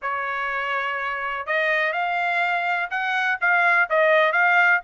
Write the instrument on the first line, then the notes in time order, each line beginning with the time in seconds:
trumpet
0.02 C#5
1.46 D#5
1.92 F5
2.90 F#5
3.40 F5
3.89 D#5
4.32 F5